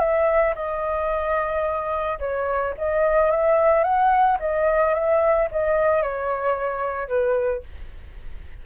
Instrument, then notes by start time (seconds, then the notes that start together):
flute
0.00 E5
0.56 D#5
2.20 C#5
2.78 D#5
3.31 E5
3.84 F#5
4.40 D#5
4.94 E5
5.52 D#5
6.03 C#5
7.09 B4